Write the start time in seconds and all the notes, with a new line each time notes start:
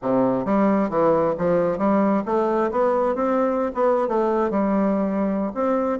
0.01 C3
0.45 G3
0.89 E3
1.38 F3
1.78 G3
2.25 A3
2.71 B3
3.15 C4
3.74 B3
4.07 A3
4.50 G3
5.54 C4